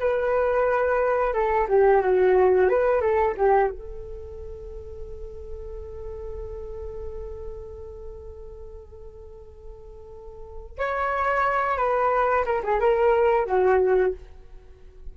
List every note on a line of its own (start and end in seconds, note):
0.00 1.34 B4
1.34 1.67 A4
1.68 2.02 G4
2.02 2.69 F#4
2.69 3.01 B4
3.01 3.35 A4
3.37 3.70 G4
3.70 10.78 A4
10.78 11.78 C#5
11.78 12.45 B4
12.45 12.62 A#4
12.64 12.80 G#4
12.80 13.46 A#4
13.46 14.13 F#4